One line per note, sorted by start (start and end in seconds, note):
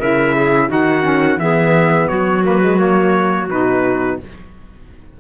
0.00 0.70 C#3
0.00 0.69 E4
0.00 0.35 A#4
0.00 0.71 E5
0.36 0.69 G#4
0.69 1.37 D#3
0.69 1.03 D#4
0.69 1.39 F#4
0.69 1.40 F#5
1.03 1.38 C#4
1.37 2.07 E3
1.37 2.44 B3
1.37 2.09 G#4
1.37 2.08 E5
2.08 3.49 F#3
2.08 4.19 F#4
2.08 2.43 C#5
2.44 2.62 A#3
2.44 2.79 B4
2.63 2.78 G#3
2.78 3.48 A#3
2.78 3.49 C#5
3.49 4.19 B2
3.49 4.20 D#4
3.49 4.20 B4